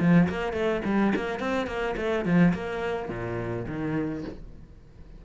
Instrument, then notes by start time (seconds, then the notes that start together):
cello
0.00 F3
0.29 A#3
0.52 A3
0.85 G3
1.16 A#3
1.39 C4
1.67 A#3
1.97 A3
2.25 F3
2.54 A#3
3.09 A#2
3.67 D#3